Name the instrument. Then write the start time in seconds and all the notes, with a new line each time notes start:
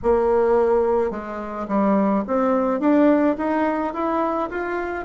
bassoon
0.02 A#3
1.10 G#3
1.67 G3
2.27 C4
2.79 D4
3.37 D#4
3.93 E4
4.50 F4